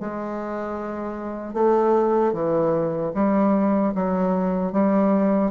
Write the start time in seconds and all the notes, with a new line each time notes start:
0.00 G#3
1.54 A3
2.33 E3
3.14 G3
3.95 F#3
4.72 G3